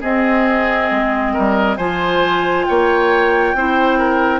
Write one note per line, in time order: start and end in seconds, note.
0.00 1.78 C4
0.00 0.90 C4
0.00 1.32 G#4
0.00 1.77 D#5
0.91 1.35 G#3
1.33 1.77 G3
1.33 1.77 A#4
1.77 2.65 F3
1.77 3.56 F4
1.77 2.65 C5
1.77 2.65 G#5
2.65 3.54 A#3
2.65 3.56 C#5
2.65 4.40 G5
3.54 4.40 C4
3.54 4.40 E4
3.54 3.98 C5
3.98 4.40 A#4